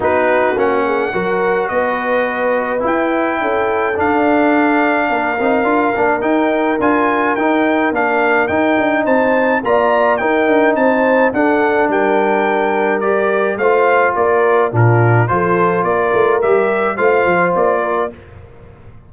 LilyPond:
<<
  \new Staff \with { instrumentName = "trumpet" } { \time 4/4 \tempo 4 = 106 b'4 fis''2 dis''4~ | dis''4 g''2 f''4~ | f''2. g''4 | gis''4 g''4 f''4 g''4 |
a''4 ais''4 g''4 a''4 | fis''4 g''2 d''4 | f''4 d''4 ais'4 c''4 | d''4 e''4 f''4 d''4 | }
  \new Staff \with { instrumentName = "horn" } { \time 4/4 fis'4. gis'8 ais'4 b'4~ | b'2 a'2~ | a'4 ais'2.~ | ais'1 |
c''4 d''4 ais'4 c''4 | a'4 ais'2. | c''4 ais'4 f'4 a'4 | ais'2 c''4. ais'8 | }
  \new Staff \with { instrumentName = "trombone" } { \time 4/4 dis'4 cis'4 fis'2~ | fis'4 e'2 d'4~ | d'4. dis'8 f'8 d'8 dis'4 | f'4 dis'4 d'4 dis'4~ |
dis'4 f'4 dis'2 | d'2. g'4 | f'2 d'4 f'4~ | f'4 g'4 f'2 | }
  \new Staff \with { instrumentName = "tuba" } { \time 4/4 b4 ais4 fis4 b4~ | b4 e'4 cis'4 d'4~ | d'4 ais8 c'8 d'8 ais8 dis'4 | d'4 dis'4 ais4 dis'8 d'8 |
c'4 ais4 dis'8 d'8 c'4 | d'4 g2. | a4 ais4 ais,4 f4 | ais8 a8 g4 a8 f8 ais4 | }
>>